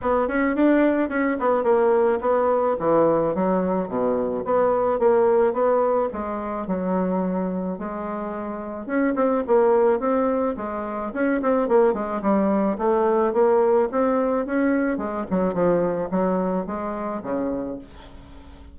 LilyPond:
\new Staff \with { instrumentName = "bassoon" } { \time 4/4 \tempo 4 = 108 b8 cis'8 d'4 cis'8 b8 ais4 | b4 e4 fis4 b,4 | b4 ais4 b4 gis4 | fis2 gis2 |
cis'8 c'8 ais4 c'4 gis4 | cis'8 c'8 ais8 gis8 g4 a4 | ais4 c'4 cis'4 gis8 fis8 | f4 fis4 gis4 cis4 | }